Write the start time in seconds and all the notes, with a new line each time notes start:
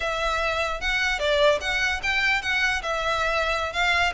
0.00 E5
0.81 F#5
1.19 D5
1.60 F#5
2.02 G5
2.41 F#5
2.82 E5
3.72 F5